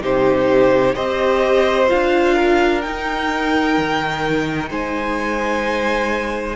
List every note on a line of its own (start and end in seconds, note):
0.00 0.95 C3
0.00 0.94 D#4
0.00 0.95 G4
0.00 0.95 C5
0.95 1.89 C4
0.95 1.88 G4
0.95 2.34 C5
0.95 1.88 D#5
1.88 2.85 D4
1.88 2.81 F4
1.88 2.81 F5
2.34 4.68 A#4
2.81 6.55 D#4
2.81 3.78 D#4
2.81 4.68 G5
3.78 4.70 D#3
4.70 6.55 G#3
4.70 6.55 C5
4.70 6.55 G#5